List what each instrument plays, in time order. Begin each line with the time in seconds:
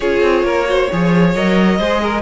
0.00 cello C#4, viola F4, violin G#4 C#5
0.21 cello C4
0.43 cello A#3, violin A#4
0.65 viola F#4, violin C5
0.92 cello F3, viola G#4, violin C#5
1.34 cello F#3, viola A#4, violin D#5
1.78 cello G#3, viola G#4, violin C5
2.02 violin A#4